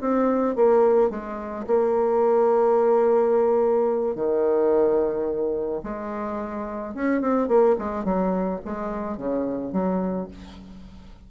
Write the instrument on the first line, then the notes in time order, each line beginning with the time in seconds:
bassoon
0.00 C4
0.55 A#3
1.10 G#3
1.67 A#3
4.15 D#3
5.83 G#3
6.94 C#4
7.21 C4
7.47 A#3
7.78 G#3
8.04 F#3
8.64 G#3
9.17 C#3
9.72 F#3